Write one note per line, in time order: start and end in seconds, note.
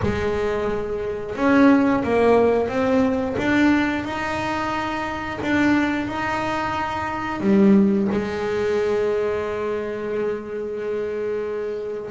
0.02 1.35 G#3
1.35 2.03 C#4
2.03 2.68 A#3
2.68 3.36 C4
3.37 4.04 D4
4.04 5.39 D#4
5.42 6.07 D4
6.07 7.40 D#4
7.40 8.07 G3
8.11 12.10 G#3